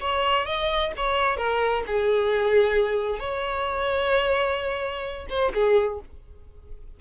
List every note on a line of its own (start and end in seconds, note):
0.00 0.46 C#5
0.46 0.92 D#5
0.96 1.37 C#5
1.37 1.83 A#4
1.86 3.19 G#4
3.19 5.27 C#5
5.29 5.52 C5
5.54 6.00 G#4